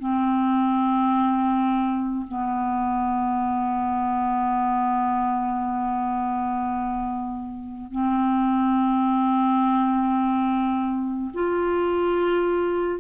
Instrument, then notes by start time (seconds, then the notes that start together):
clarinet
0.00 C4
2.28 B3
7.91 C4
11.34 F4